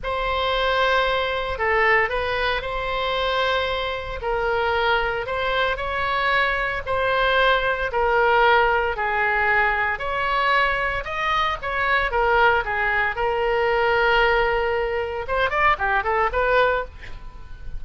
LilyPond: \new Staff \with { instrumentName = "oboe" } { \time 4/4 \tempo 4 = 114 c''2. a'4 | b'4 c''2. | ais'2 c''4 cis''4~ | cis''4 c''2 ais'4~ |
ais'4 gis'2 cis''4~ | cis''4 dis''4 cis''4 ais'4 | gis'4 ais'2.~ | ais'4 c''8 d''8 g'8 a'8 b'4 | }